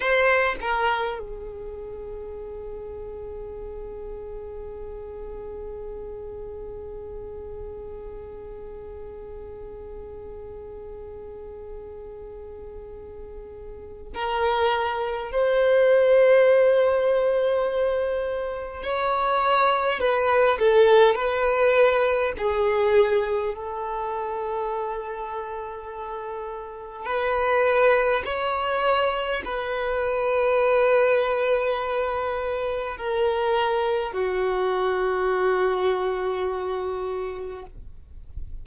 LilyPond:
\new Staff \with { instrumentName = "violin" } { \time 4/4 \tempo 4 = 51 c''8 ais'8 gis'2.~ | gis'1~ | gis'1 | ais'4 c''2. |
cis''4 b'8 a'8 b'4 gis'4 | a'2. b'4 | cis''4 b'2. | ais'4 fis'2. | }